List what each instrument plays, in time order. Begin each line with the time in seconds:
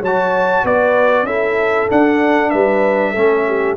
0.00 tuba F#3, horn C#5, trumpet A5
0.07 trombone F#4
0.64 tuba B3, horn B4, trumpet D5
1.23 tuba C#4, trombone E4, horn A4, trumpet E5
1.90 trombone D4, tuba D4, trumpet F#5
2.50 tuba G3, horn B4, trumpet E5
3.11 tuba A3, trombone C#4, horn A4
3.47 horn G4